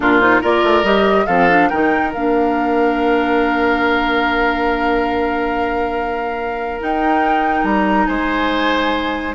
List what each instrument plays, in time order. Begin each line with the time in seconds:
0.00 bassoon A#2, clarinet D4, oboe F4, flute A#4
0.20 clarinet D#4, flute C5
0.41 bassoon A#3, clarinet F4, oboe A#4, flute D5
0.63 bassoon A3
0.83 bassoon G3, clarinet G4, flute D#5
1.26 bassoon F3, clarinet C4, oboe A4, flute F5
1.49 clarinet D4
1.68 bassoon D#3, clarinet D#4, oboe A#4, flute G5
2.13 bassoon A#3, clarinet D4, flute F5
6.80 clarinet D#4, bassoon D#4, flute G5
7.63 bassoon G3, flute A#5
8.06 bassoon G#3, oboe C5, flute G#5